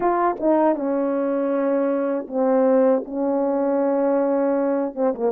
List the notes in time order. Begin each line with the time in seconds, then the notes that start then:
0.00 F4
0.40 D#4
0.75 C#4
2.27 C4
3.05 C#4
4.94 C4
5.14 A#3